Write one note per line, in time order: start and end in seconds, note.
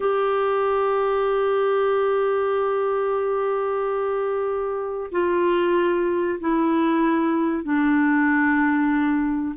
0.00 5.10 G4
5.11 6.39 F4
6.40 7.63 E4
7.63 9.55 D4